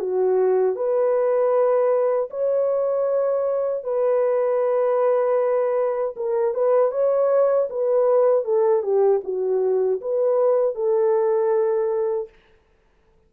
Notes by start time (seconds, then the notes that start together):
0.00 F#4
0.76 B4
2.30 C#5
3.84 B4
6.16 A#4
6.54 B4
6.92 C#5
7.70 B4
8.45 A4
8.83 G4
9.24 F#4
10.01 B4
10.75 A4